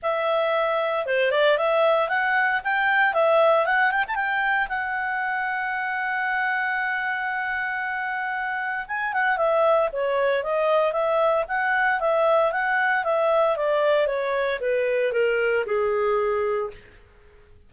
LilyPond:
\new Staff \with { instrumentName = "clarinet" } { \time 4/4 \tempo 4 = 115 e''2 c''8 d''8 e''4 | fis''4 g''4 e''4 fis''8 g''16 a''16 | g''4 fis''2.~ | fis''1~ |
fis''4 gis''8 fis''8 e''4 cis''4 | dis''4 e''4 fis''4 e''4 | fis''4 e''4 d''4 cis''4 | b'4 ais'4 gis'2 | }